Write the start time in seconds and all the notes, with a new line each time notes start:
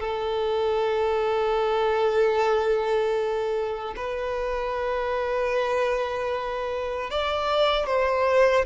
0.00 A4
3.96 B4
7.11 D5
7.87 C5